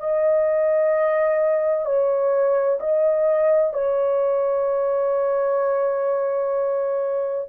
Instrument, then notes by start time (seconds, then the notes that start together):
horn
0.00 D#5
1.86 C#5
2.80 D#5
3.74 C#5